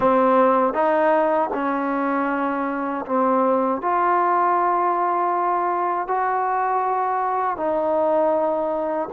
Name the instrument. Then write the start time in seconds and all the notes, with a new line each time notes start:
trombone
0.00 C4
0.73 D#4
1.53 C#4
3.06 C4
3.81 F4
6.07 F#4
7.56 D#4